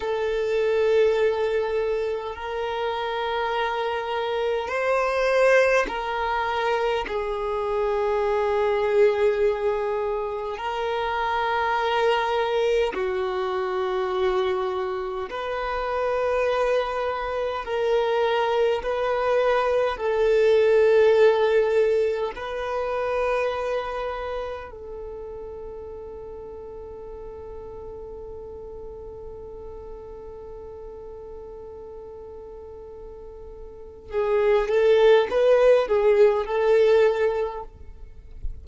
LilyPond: \new Staff \with { instrumentName = "violin" } { \time 4/4 \tempo 4 = 51 a'2 ais'2 | c''4 ais'4 gis'2~ | gis'4 ais'2 fis'4~ | fis'4 b'2 ais'4 |
b'4 a'2 b'4~ | b'4 a'2.~ | a'1~ | a'4 gis'8 a'8 b'8 gis'8 a'4 | }